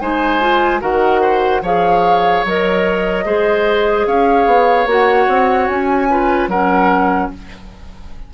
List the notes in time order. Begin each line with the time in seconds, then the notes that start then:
0.00 G#3 D#4 C5 G#5
0.40 F4
0.80 D#3 F#4 A#4 F#5
1.21 C5
1.61 F3 G#4 C#5 F5
2.45 F#3 A#4 D#5
3.25 G#3 G#4 C5
4.06 C#4 C#5 F5
4.46 B3
4.86 A#3 F#4 F#5
5.28 C4
5.67 C#4 G#5
6.09 F4 B4
6.48 F#3 C#4 A#4 F#5